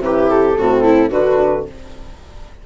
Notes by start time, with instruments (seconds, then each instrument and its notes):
0.00 bassoon C3, horn E4, viola G4, flute B4
0.30 flute A4
0.58 bassoon A2, horn C4, viola F#4
0.84 viola E4
1.10 bassoon D3, horn D4, viola F#4, flute B4